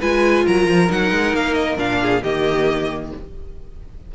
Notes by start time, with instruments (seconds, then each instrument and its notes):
0.00 cello G#3, viola F4, violin B4 G#5
0.46 cello F#3, violin A#4 A#5
0.67 cello F3
0.88 cello F#3, viola D#4, violin F#5
1.11 cello G#3
1.34 cello A#3, violin F5
1.54 violin D#5
1.77 cello A#2, viola D4, violin F5
2.01 violin G#4
2.23 cello D#3, viola A#3, violin G4 D#5